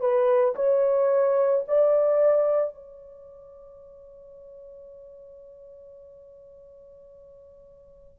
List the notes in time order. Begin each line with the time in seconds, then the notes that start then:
0.00 B4
0.55 C#5
1.68 D5
2.74 C#5